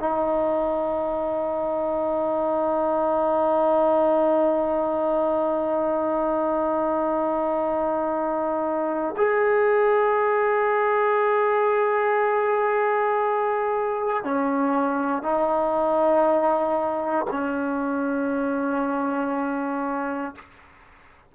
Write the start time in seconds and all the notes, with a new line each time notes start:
0.00 D#4
9.17 G#4
14.24 C#4
15.23 D#4
17.31 C#4